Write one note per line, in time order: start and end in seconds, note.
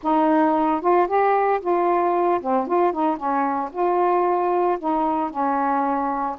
0.03 0.81 D#4
0.81 1.07 F4
1.07 1.60 G4
1.60 2.40 F4
2.41 2.67 C4
2.67 2.92 F4
2.92 3.17 D#4
3.17 3.70 C#4
3.72 4.78 F4
4.79 5.30 D#4
5.30 6.36 C#4